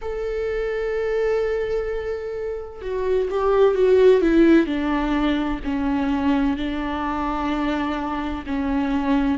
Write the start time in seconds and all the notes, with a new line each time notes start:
0.01 A4
2.81 F#4
3.29 G4
3.75 F#4
4.21 E4
4.66 D4
5.63 C#4
6.56 D4
8.46 C#4